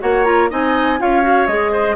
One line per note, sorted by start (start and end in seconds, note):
0.00 0.51 A#3
0.00 0.25 F#4
0.00 0.50 C#5
0.00 0.24 F#5
0.24 0.49 F4
0.24 0.49 A#5
0.50 1.01 C4
0.50 0.98 D#4
0.50 0.99 D#5
0.50 1.01 G#5
0.98 1.47 C#4
0.98 1.22 F4
0.98 1.72 C#5
0.98 1.47 F5
1.22 1.47 F#4
1.47 1.96 G#3
1.47 1.96 G#4
1.47 1.96 D#5
1.72 1.96 C5